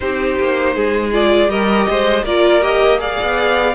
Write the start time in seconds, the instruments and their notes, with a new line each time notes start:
0.00 cello C4, viola D#4, violin G4 C5
0.39 cello A#3
0.75 cello G#3, violin G#4
1.12 viola F4, violin D5
1.48 cello G3, viola G4, violin A#4 D#5
1.89 cello G#3, violin C5
2.23 cello A#3, viola F4, violin A#4 D5
2.61 viola G4, violin D#5
2.98 viola G#4, violin D5 F5
3.21 cello B3